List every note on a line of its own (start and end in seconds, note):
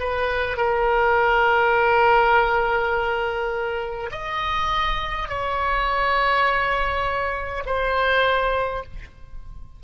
0.00 0.57 B4
0.57 4.10 A#4
4.12 5.29 D#5
5.29 7.64 C#5
7.66 8.83 C5